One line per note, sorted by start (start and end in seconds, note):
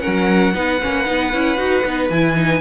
0.00 0.54 C#4
0.00 0.54 A#4
0.00 2.09 F#5
0.07 0.55 F#3
0.55 0.81 B3
0.55 0.81 D#4
0.55 2.61 B4
0.82 1.09 A#3
0.82 1.06 C#4
1.06 1.34 B3
1.06 1.32 D#4
1.34 1.58 C#4
1.34 1.58 E4
1.58 1.84 D#4
1.58 1.84 F#4
1.86 2.10 B3
1.86 2.12 D#4
2.10 2.61 E3
2.10 2.36 E4
2.10 2.61 G#5
2.36 2.61 D#4